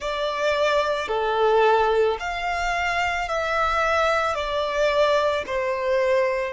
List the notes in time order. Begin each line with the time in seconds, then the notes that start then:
0.00 D5
1.08 A4
2.19 F5
3.28 E5
4.34 D5
5.46 C5